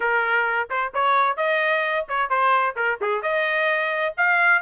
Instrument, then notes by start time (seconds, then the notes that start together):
trumpet
0.00 A#4
0.69 C5
0.94 C#5
1.37 D#5
2.08 C#5
2.29 C5
2.76 A#4
3.01 G#4
3.22 D#5
4.17 F5